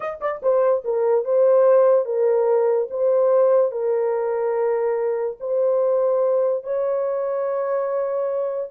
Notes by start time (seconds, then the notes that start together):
0.00 D#5
0.20 D5
0.42 C5
0.84 A#4
1.25 C5
2.05 A#4
2.90 C5
3.71 A#4
5.40 C5
6.63 C#5